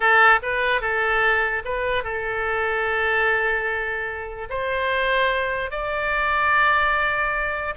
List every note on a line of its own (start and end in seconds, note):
0.00 0.39 A4
0.42 0.81 B4
0.81 1.62 A4
1.64 2.03 B4
2.03 4.48 A4
4.49 5.71 C5
5.71 7.75 D5